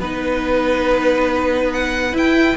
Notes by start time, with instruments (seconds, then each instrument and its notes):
0.00 cello B3, viola D#4, violin B4
1.73 violin F#5
2.12 cello E4, viola E4, violin G5